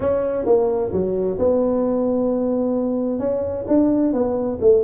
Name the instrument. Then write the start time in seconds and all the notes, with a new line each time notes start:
tuba
0.00 C#4
0.45 A#3
0.92 F#3
1.38 B3
3.19 C#4
3.67 D4
4.12 B3
4.61 A3